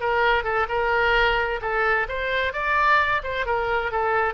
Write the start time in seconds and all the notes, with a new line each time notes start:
0.00 A#4
0.44 A4
0.68 A#4
1.61 A4
2.09 C5
2.53 D5
3.23 C5
3.46 A#4
3.91 A4